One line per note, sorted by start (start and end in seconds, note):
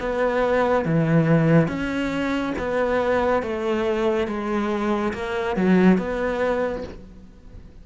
0.00 0.85 B3
0.85 1.68 E3
1.68 2.54 C#4
2.58 3.42 B3
3.42 4.27 A3
4.27 5.13 G#3
5.14 5.56 A#3
5.56 5.98 F#3
5.98 6.83 B3